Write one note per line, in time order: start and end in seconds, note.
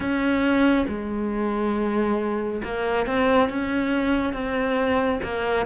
0.00 0.85 C#4
0.88 2.62 G#3
2.63 3.06 A#3
3.06 3.49 C4
3.49 4.33 C#4
4.33 5.20 C4
5.23 5.66 A#3